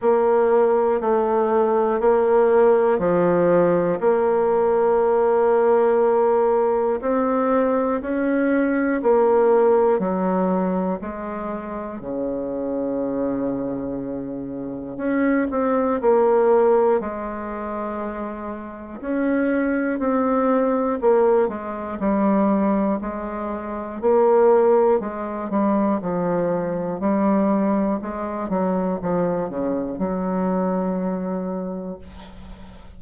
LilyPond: \new Staff \with { instrumentName = "bassoon" } { \time 4/4 \tempo 4 = 60 ais4 a4 ais4 f4 | ais2. c'4 | cis'4 ais4 fis4 gis4 | cis2. cis'8 c'8 |
ais4 gis2 cis'4 | c'4 ais8 gis8 g4 gis4 | ais4 gis8 g8 f4 g4 | gis8 fis8 f8 cis8 fis2 | }